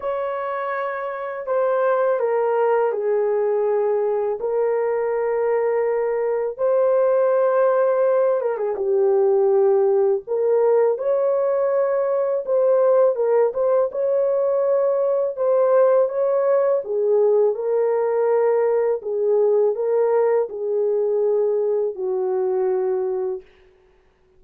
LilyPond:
\new Staff \with { instrumentName = "horn" } { \time 4/4 \tempo 4 = 82 cis''2 c''4 ais'4 | gis'2 ais'2~ | ais'4 c''2~ c''8 ais'16 gis'16 | g'2 ais'4 cis''4~ |
cis''4 c''4 ais'8 c''8 cis''4~ | cis''4 c''4 cis''4 gis'4 | ais'2 gis'4 ais'4 | gis'2 fis'2 | }